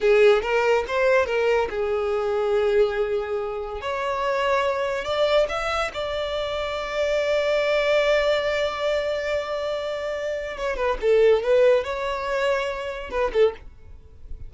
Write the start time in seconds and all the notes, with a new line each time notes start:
0.00 G#4
0.42 A#4
0.87 C5
1.26 A#4
1.70 G#4
3.81 C#5
5.04 D5
5.48 E5
5.93 D5
10.57 C#5
10.76 B4
11.01 A4
11.42 B4
11.83 C#5
13.10 B4
13.33 A4